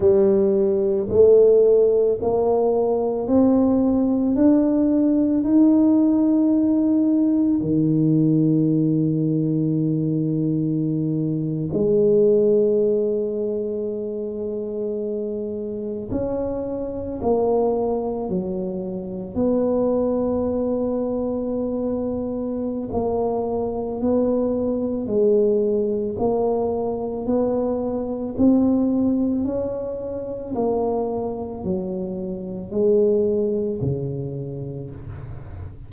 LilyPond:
\new Staff \with { instrumentName = "tuba" } { \time 4/4 \tempo 4 = 55 g4 a4 ais4 c'4 | d'4 dis'2 dis4~ | dis2~ dis8. gis4~ gis16~ | gis2~ gis8. cis'4 ais16~ |
ais8. fis4 b2~ b16~ | b4 ais4 b4 gis4 | ais4 b4 c'4 cis'4 | ais4 fis4 gis4 cis4 | }